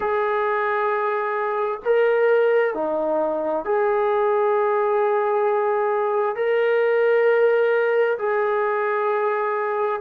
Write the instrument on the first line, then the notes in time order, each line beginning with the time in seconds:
trombone
0.00 G#4
1.84 A#4
2.74 D#4
3.64 G#4
6.35 A#4
8.18 G#4